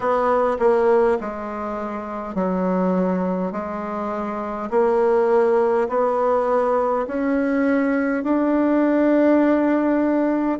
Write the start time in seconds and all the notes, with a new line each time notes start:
0.00 B3
0.59 A#3
1.20 G#3
2.34 F#3
3.51 G#3
4.70 A#3
5.88 B3
7.06 C#4
8.24 D4